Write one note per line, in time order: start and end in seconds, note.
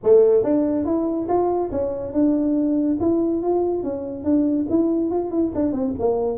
0.03 0.43 A3
0.43 0.85 D4
0.85 1.27 E4
1.28 1.71 F4
1.71 2.12 C#4
2.12 2.97 D4
3.00 3.42 E4
3.42 3.83 F4
3.83 4.23 C#4
4.23 4.66 D4
4.69 5.11 E4
5.11 5.31 F4
5.31 5.52 E4
5.54 5.72 D4
5.72 5.93 C4
5.99 6.38 A#3